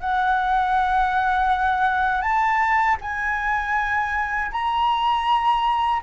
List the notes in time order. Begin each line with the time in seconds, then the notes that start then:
0.00 F#5
2.21 A5
3.01 G#5
4.51 A#5